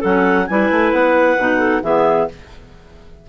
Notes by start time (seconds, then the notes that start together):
0.00 F#3 C#4 A4 F#5
0.47 G3 E4 B4 G#5
0.70 A3
0.92 B3 F#5
1.38 B2 D#4
1.58 A4
1.83 E3 B3 G#4 E5